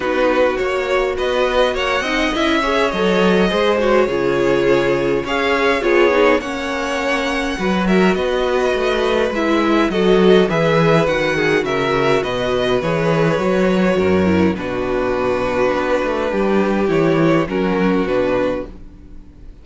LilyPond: <<
  \new Staff \with { instrumentName = "violin" } { \time 4/4 \tempo 4 = 103 b'4 cis''4 dis''4 fis''4 | e''4 dis''4. cis''4.~ | cis''4 f''4 cis''4 fis''4~ | fis''4. e''8 dis''2 |
e''4 dis''4 e''4 fis''4 | e''4 dis''4 cis''2~ | cis''4 b'2.~ | b'4 cis''4 ais'4 b'4 | }
  \new Staff \with { instrumentName = "violin" } { \time 4/4 fis'2 b'4 cis''8 dis''8~ | dis''8 cis''4. c''4 gis'4~ | gis'4 cis''4 gis'4 cis''4~ | cis''4 b'8 ais'8 b'2~ |
b'4 a'4 b'4. gis'8 | ais'4 b'2. | ais'4 fis'2. | g'2 fis'2 | }
  \new Staff \with { instrumentName = "viola" } { \time 4/4 dis'4 fis'2~ fis'8 dis'8 | e'8 gis'8 a'4 gis'8 fis'8 f'4~ | f'4 gis'4 f'8 dis'8 cis'4~ | cis'4 fis'2. |
e'4 fis'4 gis'4 fis'4~ | fis'2 gis'4 fis'4~ | fis'8 e'8 d'2.~ | d'4 e'4 cis'4 d'4 | }
  \new Staff \with { instrumentName = "cello" } { \time 4/4 b4 ais4 b4 ais8 c'8 | cis'4 fis4 gis4 cis4~ | cis4 cis'4 b4 ais4~ | ais4 fis4 b4 a4 |
gis4 fis4 e4 dis4 | cis4 b,4 e4 fis4 | fis,4 b,2 b8 a8 | g4 e4 fis4 b,4 | }
>>